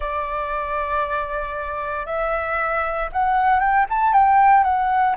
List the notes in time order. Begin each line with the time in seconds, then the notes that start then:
0.00 D5
2.05 E5
3.12 F#5
3.59 G5
3.89 A5
4.13 G5
4.63 F#5